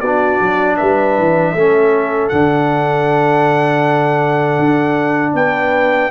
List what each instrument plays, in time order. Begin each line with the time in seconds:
0.00 tuba B3, trombone D4, horn F#4, trumpet D5
0.40 tuba F#3
0.76 tuba G3, horn B4, trumpet E5
1.19 tuba E3
1.52 tuba A3, trombone C#4, horn A4
2.28 tuba D3, trombone D4, trumpet F#5
4.59 tuba D4
5.34 tuba B3, horn B4, trumpet G5